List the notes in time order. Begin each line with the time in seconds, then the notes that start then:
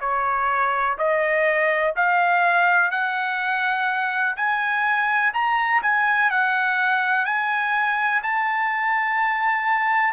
0.00 C#5
0.98 D#5
1.96 F5
2.90 F#5
4.36 G#5
5.33 A#5
5.82 G#5
6.30 F#5
7.25 G#5
8.22 A5